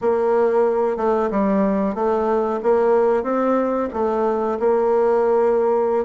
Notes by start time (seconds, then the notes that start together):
0.01 A#3
0.96 A3
1.30 G3
1.94 A3
2.62 A#3
3.23 C4
3.93 A3
4.59 A#3